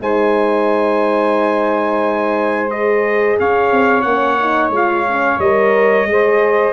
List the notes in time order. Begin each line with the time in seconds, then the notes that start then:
0.00 G#3 D#4 C5 G#5
2.70 G#4 D#5
3.39 C#4 C#5 F5
3.72 C4
4.02 A#3 C#4 F#5
4.41 D#4
4.70 G#3 F4 F5
5.08 C#4
5.39 G3 A#4 D#5
6.05 G#3 G#4
6.12 C5